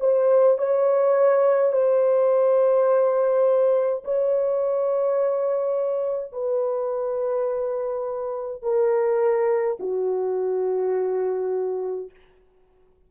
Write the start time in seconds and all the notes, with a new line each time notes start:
0.00 C5
0.58 C#5
1.72 C5
4.04 C#5
6.33 B4
8.62 A#4
9.79 F#4